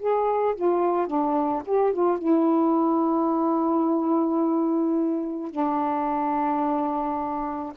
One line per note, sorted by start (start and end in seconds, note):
0.00 0.56 G#4
0.56 1.08 F4
1.08 1.63 D4
1.66 1.93 G4
1.93 2.19 F4
2.19 5.51 E4
5.51 7.73 D4